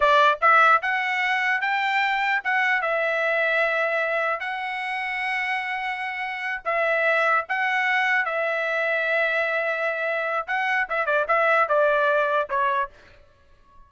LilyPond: \new Staff \with { instrumentName = "trumpet" } { \time 4/4 \tempo 4 = 149 d''4 e''4 fis''2 | g''2 fis''4 e''4~ | e''2. fis''4~ | fis''1~ |
fis''8 e''2 fis''4.~ | fis''8 e''2.~ e''8~ | e''2 fis''4 e''8 d''8 | e''4 d''2 cis''4 | }